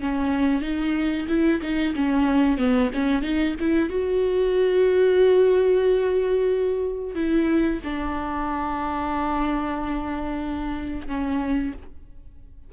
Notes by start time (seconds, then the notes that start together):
0.00 C#4
0.61 D#4
1.28 E4
1.61 D#4
1.95 C#4
2.58 B3
2.93 C#4
3.22 D#4
3.60 E4
3.89 F#4
7.15 E4
7.84 D4
11.07 C#4